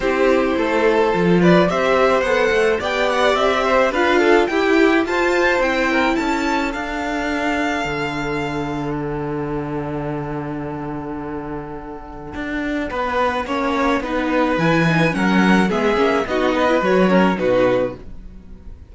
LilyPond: <<
  \new Staff \with { instrumentName = "violin" } { \time 4/4 \tempo 4 = 107 c''2~ c''8 d''8 e''4 | fis''4 g''8 fis''8 e''4 f''4 | g''4 a''4 g''4 a''4 | f''1 |
fis''1~ | fis''1~ | fis''2 gis''4 fis''4 | e''4 dis''4 cis''4 b'4 | }
  \new Staff \with { instrumentName = "violin" } { \time 4/4 g'4 a'4. b'8 c''4~ | c''4 d''4. c''8 b'8 a'8 | g'4 c''4. ais'8 a'4~ | a'1~ |
a'1~ | a'2. b'4 | cis''4 b'2 ais'4 | gis'4 fis'8 b'4 ais'8 fis'4 | }
  \new Staff \with { instrumentName = "viola" } { \time 4/4 e'2 f'4 g'4 | a'4 g'2 f'4 | e'4 f'4 e'2 | d'1~ |
d'1~ | d'1 | cis'4 dis'4 e'8 dis'8 cis'4 | b8 cis'8 dis'8. e'16 fis'8 cis'8 dis'4 | }
  \new Staff \with { instrumentName = "cello" } { \time 4/4 c'4 a4 f4 c'4 | b8 a8 b4 c'4 d'4 | e'4 f'4 c'4 cis'4 | d'2 d2~ |
d1~ | d2 d'4 b4 | ais4 b4 e4 fis4 | gis8 ais8 b4 fis4 b,4 | }
>>